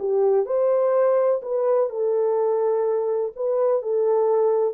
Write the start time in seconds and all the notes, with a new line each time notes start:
0.00 G4
0.46 C5
1.43 B4
1.90 A4
3.36 B4
3.83 A4